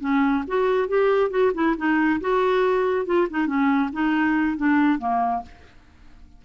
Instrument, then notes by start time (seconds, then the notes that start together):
clarinet
0.00 C#4
0.47 F#4
0.88 G4
1.30 F#4
1.54 E4
1.77 D#4
2.20 F#4
3.05 F4
3.30 D#4
3.46 C#4
3.92 D#4
4.57 D4
4.98 A#3